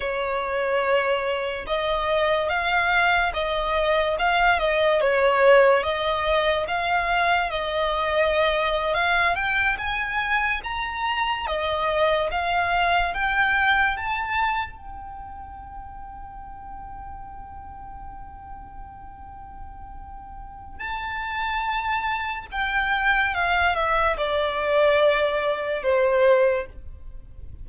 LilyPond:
\new Staff \with { instrumentName = "violin" } { \time 4/4 \tempo 4 = 72 cis''2 dis''4 f''4 | dis''4 f''8 dis''8 cis''4 dis''4 | f''4 dis''4.~ dis''16 f''8 g''8 gis''16~ | gis''8. ais''4 dis''4 f''4 g''16~ |
g''8. a''4 g''2~ g''16~ | g''1~ | g''4 a''2 g''4 | f''8 e''8 d''2 c''4 | }